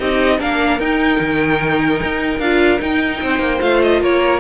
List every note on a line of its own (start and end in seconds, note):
0.00 0.41 C4
0.00 0.39 D#4
0.00 0.39 G4
0.00 0.41 D#5
0.39 0.79 A#3
0.39 0.79 D4
0.39 3.21 A#4
0.39 0.81 F5
0.79 1.20 D#4
0.79 2.42 D#4
0.79 2.40 G5
1.20 2.01 D#3
2.04 2.40 D#4
2.40 2.80 D4
2.40 2.79 F4
2.40 2.80 F5
2.79 3.60 D#4
2.79 3.22 D#4
2.79 3.62 G5
3.22 3.40 C4
3.22 4.02 C5
3.40 3.60 A#3
3.61 4.03 A3
3.61 4.41 F4
3.61 3.82 F5
3.83 4.03 D#5
4.02 4.41 A#3
4.02 4.41 A#4
4.02 4.41 C#5